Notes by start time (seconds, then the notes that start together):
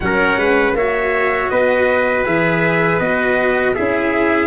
0.00 F#3 C#4 A#4 F#5
0.36 G#3 B4
0.73 A#3 F#4 C#5 E5
1.49 B3 B4 D#5
2.25 E3 G#4 E5
2.99 B3 F#4 D#5
3.74 C#4 E4 G#4 E5